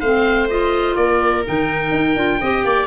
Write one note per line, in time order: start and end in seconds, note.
0.00 0.96 A3
0.00 0.49 C4
0.00 0.95 C5
0.00 0.48 F5
0.49 1.44 F4
0.49 0.95 D#5
0.95 1.44 A#3
0.95 2.40 A#4
0.95 1.43 D5
1.44 1.91 D#3
1.44 2.16 D#4
1.44 2.87 G5
1.91 2.15 D#4
2.16 2.40 D4
2.16 2.39 F4
2.41 2.64 C4
2.41 2.87 G4
2.41 2.65 D#5
2.64 2.87 A#3
2.64 2.87 D5